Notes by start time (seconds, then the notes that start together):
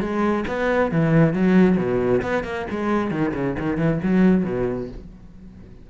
0.00 G#3
0.47 B3
0.91 E3
1.33 F#3
1.77 B2
2.22 B3
2.43 A#3
2.70 G#3
3.11 D#3
3.34 C#3
3.59 D#3
3.77 E3
4.03 F#3
4.44 B2